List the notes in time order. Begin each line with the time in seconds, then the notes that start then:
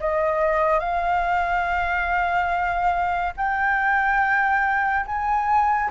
0.00 D#5
0.80 F5
3.36 G5
5.06 G#5